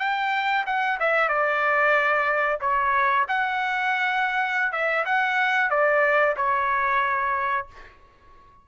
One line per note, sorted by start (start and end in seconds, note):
0.00 0.65 G5
0.67 0.99 F#5
1.00 1.29 E5
1.29 2.60 D5
2.61 3.27 C#5
3.29 4.73 F#5
4.73 5.05 E5
5.06 5.71 F#5
5.71 6.36 D5
6.37 7.67 C#5